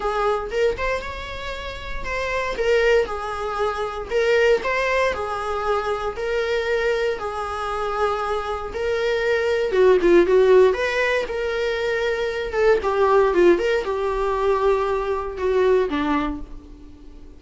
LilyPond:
\new Staff \with { instrumentName = "viola" } { \time 4/4 \tempo 4 = 117 gis'4 ais'8 c''8 cis''2 | c''4 ais'4 gis'2 | ais'4 c''4 gis'2 | ais'2 gis'2~ |
gis'4 ais'2 fis'8 f'8 | fis'4 b'4 ais'2~ | ais'8 a'8 g'4 f'8 ais'8 g'4~ | g'2 fis'4 d'4 | }